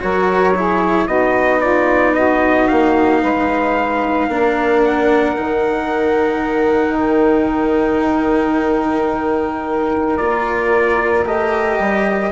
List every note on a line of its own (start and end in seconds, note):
0.00 1.08 F#3
0.00 0.54 F#4
0.00 0.57 A#4
0.00 1.08 C#5
0.57 1.09 E4
0.57 1.06 G#4
1.06 2.69 B3
1.06 4.30 D#4
1.06 1.60 F#4
1.06 1.61 D#5
1.60 2.14 F4
1.60 2.15 D5
2.14 3.21 F#4
2.14 2.68 D#5
2.68 3.24 A#3
2.68 4.82 F5
3.22 4.29 G#3
3.22 4.29 B4
4.29 5.36 A#3
4.29 5.37 D4
4.29 12.32 A#4
4.85 6.99 F#5
5.37 10.20 D#3
5.37 10.19 D#4
6.99 10.17 G5
10.17 11.25 A#3
10.17 11.26 F4
10.17 11.24 D5
11.25 11.79 A3
11.25 12.32 G4
11.25 12.32 D#5
11.79 12.32 G3